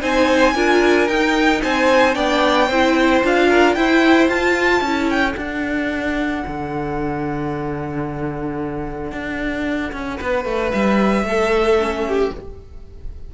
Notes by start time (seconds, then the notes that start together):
0.00 C4 D#4 C5 G#5
0.54 D4 F4 A#4
1.08 D#4 G5
1.62 C4 C5 G#5
2.14 B3 D4 D5 G5
2.67 C4 E4 C5
3.23 D4 F4 F5
3.49 A#4
3.74 E4 C5 G5
4.28 F4 A5
4.81 C#4 E4 A4
5.10 G5
5.36 D4 F#5
6.47 D3
9.12 D4
9.92 C#4
10.17 B3 B4
10.45 A3
10.71 G3 E5
11.23 A3 A4
11.79 C#4
12.07 G4